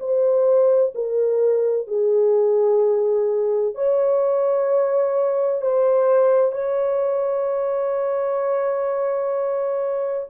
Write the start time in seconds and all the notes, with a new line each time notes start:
0.00 C5
0.95 A#4
1.87 G#4
3.75 C#5
5.62 C5
6.52 C#5